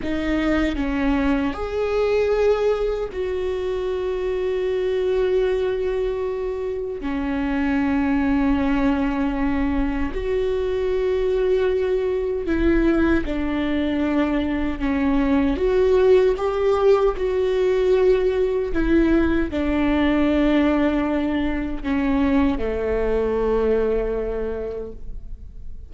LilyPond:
\new Staff \with { instrumentName = "viola" } { \time 4/4 \tempo 4 = 77 dis'4 cis'4 gis'2 | fis'1~ | fis'4 cis'2.~ | cis'4 fis'2. |
e'4 d'2 cis'4 | fis'4 g'4 fis'2 | e'4 d'2. | cis'4 a2. | }